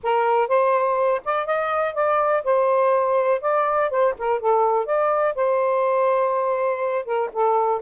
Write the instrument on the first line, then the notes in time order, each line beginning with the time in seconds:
saxophone
0.03 A#4
0.48 C5
1.24 D5
1.45 D#5
1.94 D5
2.43 C5
3.41 D5
3.90 C5
4.18 A#4
4.40 A4
4.85 D5
5.35 C5
7.05 A#4
7.32 A4